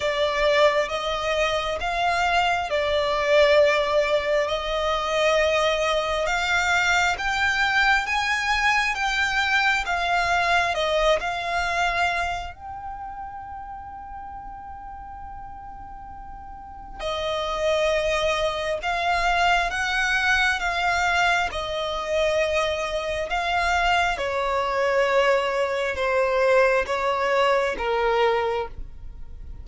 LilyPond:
\new Staff \with { instrumentName = "violin" } { \time 4/4 \tempo 4 = 67 d''4 dis''4 f''4 d''4~ | d''4 dis''2 f''4 | g''4 gis''4 g''4 f''4 | dis''8 f''4. g''2~ |
g''2. dis''4~ | dis''4 f''4 fis''4 f''4 | dis''2 f''4 cis''4~ | cis''4 c''4 cis''4 ais'4 | }